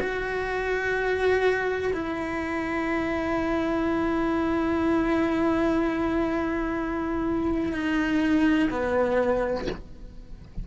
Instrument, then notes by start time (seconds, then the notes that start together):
cello
0.00 F#4
1.94 E4
7.73 D#4
8.71 B3